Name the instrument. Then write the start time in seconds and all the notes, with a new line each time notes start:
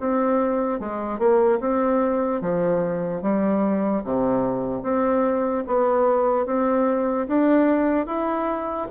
bassoon
0.00 C4
0.80 G#3
1.19 A#3
1.60 C4
2.41 F3
3.22 G3
4.04 C3
4.83 C4
5.67 B3
6.46 C4
7.28 D4
8.06 E4